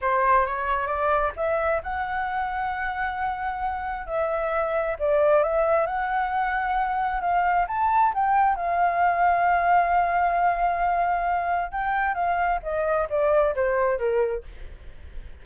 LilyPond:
\new Staff \with { instrumentName = "flute" } { \time 4/4 \tempo 4 = 133 c''4 cis''4 d''4 e''4 | fis''1~ | fis''4 e''2 d''4 | e''4 fis''2. |
f''4 a''4 g''4 f''4~ | f''1~ | f''2 g''4 f''4 | dis''4 d''4 c''4 ais'4 | }